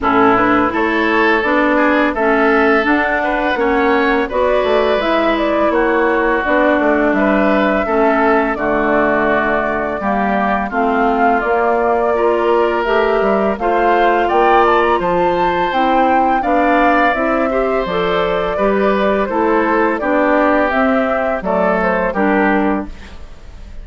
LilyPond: <<
  \new Staff \with { instrumentName = "flute" } { \time 4/4 \tempo 4 = 84 a'8 b'8 cis''4 d''4 e''4 | fis''2 d''4 e''8 d''8 | cis''4 d''4 e''2 | d''2. f''4 |
d''2 e''4 f''4 | g''8 a''16 ais''16 a''4 g''4 f''4 | e''4 d''2 c''4 | d''4 e''4 d''8 c''8 ais'4 | }
  \new Staff \with { instrumentName = "oboe" } { \time 4/4 e'4 a'4. gis'8 a'4~ | a'8 b'8 cis''4 b'2 | fis'2 b'4 a'4 | fis'2 g'4 f'4~ |
f'4 ais'2 c''4 | d''4 c''2 d''4~ | d''8 c''4. b'4 a'4 | g'2 a'4 g'4 | }
  \new Staff \with { instrumentName = "clarinet" } { \time 4/4 cis'8 d'8 e'4 d'4 cis'4 | d'4 cis'4 fis'4 e'4~ | e'4 d'2 cis'4 | a2 ais4 c'4 |
ais4 f'4 g'4 f'4~ | f'2 e'4 d'4 | e'8 g'8 a'4 g'4 e'4 | d'4 c'4 a4 d'4 | }
  \new Staff \with { instrumentName = "bassoon" } { \time 4/4 a,4 a4 b4 a4 | d'4 ais4 b8 a8 gis4 | ais4 b8 a8 g4 a4 | d2 g4 a4 |
ais2 a8 g8 a4 | ais4 f4 c'4 b4 | c'4 f4 g4 a4 | b4 c'4 fis4 g4 | }
>>